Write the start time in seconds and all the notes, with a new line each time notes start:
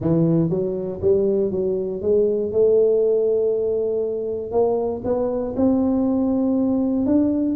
0.00 E3
0.49 F#3
1.01 G3
1.51 F#3
2.01 G#3
2.52 A3
4.51 A#3
5.04 B3
5.56 C4
7.06 D4